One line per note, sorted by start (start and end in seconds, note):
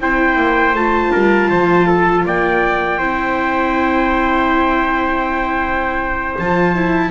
0.00 0.36 C4
0.00 0.76 E4
0.00 1.12 C5
0.00 0.75 G5
0.36 0.73 A#3
0.73 1.10 A3
0.73 2.99 F4
0.73 2.25 A5
1.12 1.51 G3
1.12 1.49 A#4
1.49 2.25 F3
1.49 1.87 C5
1.87 2.25 A4
2.25 2.98 A#3
2.25 2.98 D5
2.25 6.38 G5
2.98 6.36 C4
2.98 6.37 E4
2.98 7.11 C5
6.38 7.11 F3
6.38 6.75 F4
6.38 7.11 A5
6.75 7.11 E4